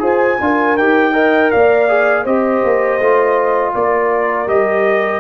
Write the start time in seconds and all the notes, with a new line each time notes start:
0.00 F4 G#4 C5 G#5
0.41 D4 F4 A#4
0.77 D#4 G4 G5
1.13 A#4 D#5
1.51 A#3 D5 F5
1.89 G#4
2.24 C4 G4 C5 D#5
2.64 A#3
3.00 A3 F4
3.75 A#3 A#4 D5
4.47 G3 G4 D#5